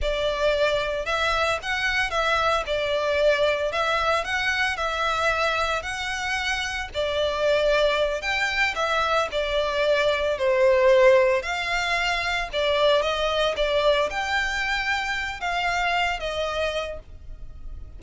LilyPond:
\new Staff \with { instrumentName = "violin" } { \time 4/4 \tempo 4 = 113 d''2 e''4 fis''4 | e''4 d''2 e''4 | fis''4 e''2 fis''4~ | fis''4 d''2~ d''8 g''8~ |
g''8 e''4 d''2 c''8~ | c''4. f''2 d''8~ | d''8 dis''4 d''4 g''4.~ | g''4 f''4. dis''4. | }